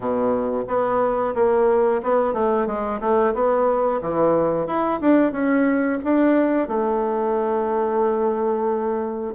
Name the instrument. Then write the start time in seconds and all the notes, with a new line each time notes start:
bassoon
0.00 B2
0.67 B3
1.35 A#3
2.02 B3
2.33 A3
2.66 G#3
3.00 A3
3.34 B3
4.02 E3
4.66 E4
5.01 D4
5.32 C#4
6.04 D4
6.68 A3